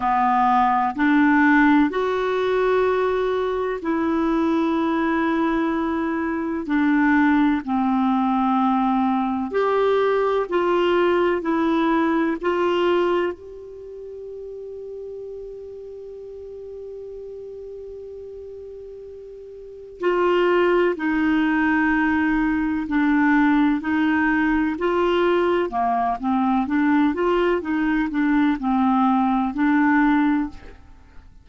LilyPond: \new Staff \with { instrumentName = "clarinet" } { \time 4/4 \tempo 4 = 63 b4 d'4 fis'2 | e'2. d'4 | c'2 g'4 f'4 | e'4 f'4 g'2~ |
g'1~ | g'4 f'4 dis'2 | d'4 dis'4 f'4 ais8 c'8 | d'8 f'8 dis'8 d'8 c'4 d'4 | }